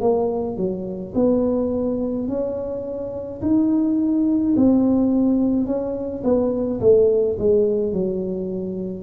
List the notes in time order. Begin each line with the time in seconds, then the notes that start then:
0.00 A#3
0.57 F#3
1.15 B3
2.28 C#4
3.42 D#4
4.56 C4
5.66 C#4
6.23 B3
6.80 A3
7.39 G#3
7.92 F#3